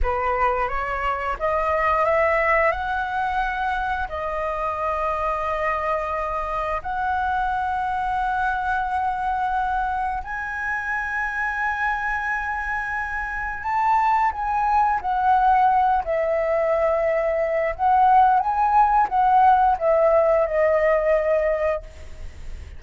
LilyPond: \new Staff \with { instrumentName = "flute" } { \time 4/4 \tempo 4 = 88 b'4 cis''4 dis''4 e''4 | fis''2 dis''2~ | dis''2 fis''2~ | fis''2. gis''4~ |
gis''1 | a''4 gis''4 fis''4. e''8~ | e''2 fis''4 gis''4 | fis''4 e''4 dis''2 | }